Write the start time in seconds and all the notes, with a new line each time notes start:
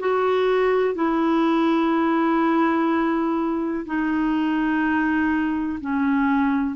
0.00 F#4
0.95 E4
3.86 D#4
5.81 C#4